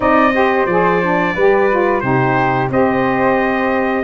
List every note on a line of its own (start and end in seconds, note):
0.00 0.66 C4
0.00 0.32 D#4
0.00 0.33 D5
0.00 0.66 D#5
0.34 0.68 G4
0.34 1.34 C5
0.66 1.33 F3
0.66 1.02 G#4
0.66 2.00 D5
1.02 1.36 D4
1.34 2.03 G3
1.34 1.70 G4
1.34 2.01 B4
1.70 2.02 F4
2.00 2.70 C3
2.00 2.69 D#4
2.00 2.70 G4
2.00 2.67 C5
2.70 4.04 C4
2.70 4.04 G4
2.70 4.04 C5
2.70 4.04 D#5